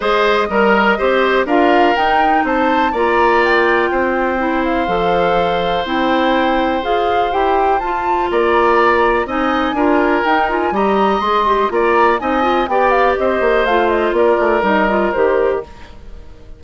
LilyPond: <<
  \new Staff \with { instrumentName = "flute" } { \time 4/4 \tempo 4 = 123 dis''2. f''4 | g''4 a''4 ais''4 g''4~ | g''4. f''2~ f''8 | g''2 f''4 g''4 |
a''4 ais''2 gis''4~ | gis''4 g''8 gis''8 ais''4 c'''4 | ais''4 gis''4 g''8 f''8 dis''4 | f''8 dis''8 d''4 dis''4 c''4 | }
  \new Staff \with { instrumentName = "oboe" } { \time 4/4 c''4 ais'4 c''4 ais'4~ | ais'4 c''4 d''2 | c''1~ | c''1~ |
c''4 d''2 dis''4 | ais'2 dis''2 | d''4 dis''4 d''4 c''4~ | c''4 ais'2. | }
  \new Staff \with { instrumentName = "clarinet" } { \time 4/4 gis'4 ais'4 g'4 f'4 | dis'2 f'2~ | f'4 e'4 a'2 | e'2 gis'4 g'4 |
f'2. dis'4 | f'4 dis'8 f'8 g'4 gis'8 g'8 | f'4 dis'8 f'8 g'2 | f'2 dis'8 f'8 g'4 | }
  \new Staff \with { instrumentName = "bassoon" } { \time 4/4 gis4 g4 c'4 d'4 | dis'4 c'4 ais2 | c'2 f2 | c'2 f'4 e'4 |
f'4 ais2 c'4 | d'4 dis'4 g4 gis4 | ais4 c'4 b4 c'8 ais8 | a4 ais8 a8 g4 dis4 | }
>>